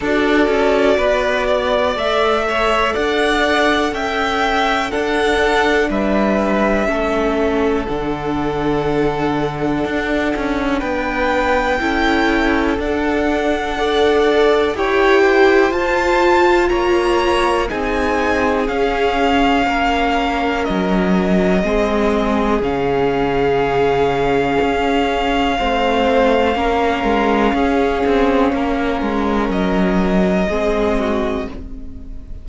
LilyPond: <<
  \new Staff \with { instrumentName = "violin" } { \time 4/4 \tempo 4 = 61 d''2 e''4 fis''4 | g''4 fis''4 e''2 | fis''2. g''4~ | g''4 fis''2 g''4 |
a''4 ais''4 gis''4 f''4~ | f''4 dis''2 f''4~ | f''1~ | f''2 dis''2 | }
  \new Staff \with { instrumentName = "violin" } { \time 4/4 a'4 b'8 d''4 cis''8 d''4 | e''4 a'4 b'4 a'4~ | a'2. b'4 | a'2 d''4 cis''8 c''8~ |
c''4 cis''4 gis'2 | ais'2 gis'2~ | gis'2 c''4 ais'4 | gis'4 ais'2 gis'8 fis'8 | }
  \new Staff \with { instrumentName = "viola" } { \time 4/4 fis'2 a'2~ | a'4 d'2 cis'4 | d'1 | e'4 d'4 a'4 g'4 |
f'2 dis'4 cis'4~ | cis'2 c'4 cis'4~ | cis'2 c'4 cis'4~ | cis'2. c'4 | }
  \new Staff \with { instrumentName = "cello" } { \time 4/4 d'8 cis'8 b4 a4 d'4 | cis'4 d'4 g4 a4 | d2 d'8 cis'8 b4 | cis'4 d'2 e'4 |
f'4 ais4 c'4 cis'4 | ais4 fis4 gis4 cis4~ | cis4 cis'4 a4 ais8 gis8 | cis'8 c'8 ais8 gis8 fis4 gis4 | }
>>